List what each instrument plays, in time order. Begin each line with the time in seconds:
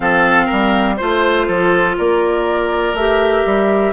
0.00 bassoon F3, clarinet C4, oboe A4, flute F5
0.45 bassoon G3, oboe A#4
0.95 bassoon A3, clarinet F4, flute C5, oboe C5
1.47 bassoon F3, oboe A4
1.97 bassoon A#3, oboe A#4, flute D5
2.93 bassoon A3, clarinet G4, flute E5
3.45 bassoon G3